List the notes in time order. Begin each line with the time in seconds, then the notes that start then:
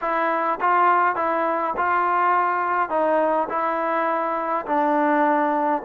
0.01 E4
0.60 F4
1.15 E4
1.76 F4
2.89 D#4
3.49 E4
4.65 D4